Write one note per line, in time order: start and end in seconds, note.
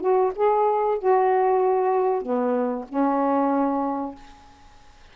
0.00 0.32 F#4
0.35 0.98 G#4
0.98 2.22 F#4
2.22 2.85 B3
2.88 4.15 C#4